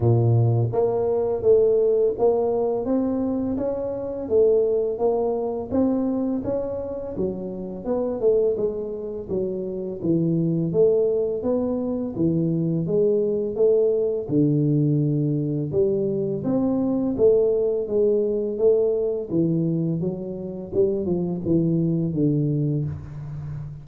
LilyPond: \new Staff \with { instrumentName = "tuba" } { \time 4/4 \tempo 4 = 84 ais,4 ais4 a4 ais4 | c'4 cis'4 a4 ais4 | c'4 cis'4 fis4 b8 a8 | gis4 fis4 e4 a4 |
b4 e4 gis4 a4 | d2 g4 c'4 | a4 gis4 a4 e4 | fis4 g8 f8 e4 d4 | }